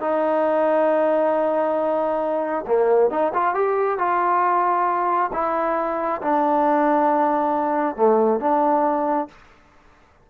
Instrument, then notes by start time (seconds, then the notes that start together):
trombone
0.00 D#4
2.67 A#3
3.10 D#4
3.33 F4
3.54 G4
3.98 F4
5.33 E4
6.21 D4
7.96 A3
8.40 D4